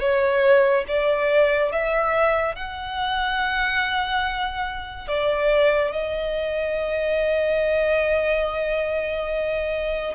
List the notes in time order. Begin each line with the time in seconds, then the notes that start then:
0.00 C#5
0.88 D5
1.72 E5
2.55 F#5
5.08 D5
5.92 D#5